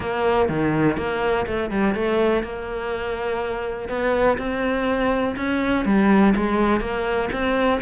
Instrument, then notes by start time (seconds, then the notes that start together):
cello
0.00 A#3
0.48 D#3
0.97 A#3
1.46 A3
1.70 G3
1.94 A3
2.43 A#3
3.88 B3
4.37 C4
5.36 C#4
5.85 G3
6.35 G#3
6.80 A#3
7.32 C4